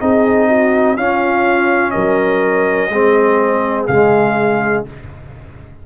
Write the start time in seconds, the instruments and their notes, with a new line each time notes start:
0.00 tuba C4, trombone D#4, horn G#4, trumpet D#5
0.47 horn F#4
0.96 tuba C#4, trombone C#4, horn F4, trumpet F5
1.90 tuba F#3, horn A#4, trumpet D#5
2.89 tuba G#3, trombone C4, horn G#4
3.87 tuba C#3, trombone G#3, trumpet F5